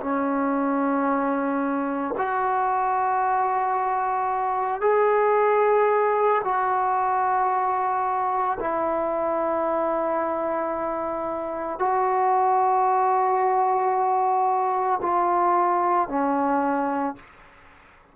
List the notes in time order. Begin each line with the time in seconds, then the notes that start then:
0.00 C#4
2.18 F#4
4.81 G#4
6.44 F#4
8.60 E4
11.79 F#4
15.01 F4
16.09 C#4